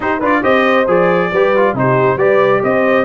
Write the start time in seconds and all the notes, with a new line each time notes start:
0.00 D#4 G4 C5
0.19 D4 F4 B4 D5
0.42 C4 G4 C5 D#5
0.87 F3 G#4 D5
1.31 G3 G4 B4
1.56 F4
1.73 C3 D#4 G4 C5
2.16 G3 G4 B4 D5
2.63 C4 C5 D#5